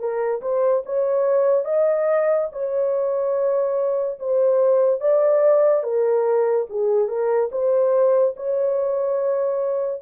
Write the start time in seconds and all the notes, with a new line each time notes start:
0.00 A#4
0.42 C5
0.86 C#5
1.66 D#5
2.52 C#5
4.20 C5
5.01 D5
5.83 A#4
6.70 G#4
7.08 A#4
7.52 C5
8.37 C#5